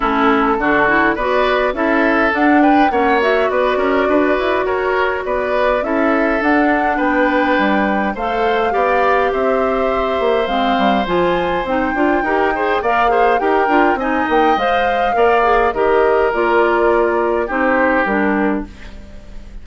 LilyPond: <<
  \new Staff \with { instrumentName = "flute" } { \time 4/4 \tempo 4 = 103 a'2 d''4 e''4 | fis''8 g''8 fis''8 e''8 d''2 | cis''4 d''4 e''4 fis''4 | g''2 f''2 |
e''2 f''4 gis''4 | g''2 f''4 g''4 | gis''8 g''8 f''2 dis''4 | d''2 c''4 ais'4 | }
  \new Staff \with { instrumentName = "oboe" } { \time 4/4 e'4 fis'4 b'4 a'4~ | a'8 b'8 cis''4 b'8 ais'8 b'4 | ais'4 b'4 a'2 | b'2 c''4 d''4 |
c''1~ | c''4 ais'8 c''8 d''8 c''8 ais'4 | dis''2 d''4 ais'4~ | ais'2 g'2 | }
  \new Staff \with { instrumentName = "clarinet" } { \time 4/4 cis'4 d'8 e'8 fis'4 e'4 | d'4 cis'8 fis'2~ fis'8~ | fis'2 e'4 d'4~ | d'2 a'4 g'4~ |
g'2 c'4 f'4 | dis'8 f'8 g'8 gis'8 ais'8 gis'8 g'8 f'8 | dis'4 c''4 ais'8 gis'8 g'4 | f'2 dis'4 d'4 | }
  \new Staff \with { instrumentName = "bassoon" } { \time 4/4 a4 d4 b4 cis'4 | d'4 ais4 b8 cis'8 d'8 e'8 | fis'4 b4 cis'4 d'4 | b4 g4 a4 b4 |
c'4. ais8 gis8 g8 f4 | c'8 d'8 dis'4 ais4 dis'8 d'8 | c'8 ais8 gis4 ais4 dis4 | ais2 c'4 g4 | }
>>